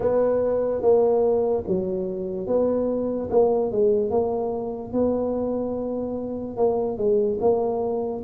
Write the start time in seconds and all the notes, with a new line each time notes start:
0.00 B3
0.81 A#3
1.67 F#3
2.47 B3
3.30 A#3
3.71 G#3
4.10 A#3
4.92 B3
6.56 A#3
6.97 G#3
7.40 A#3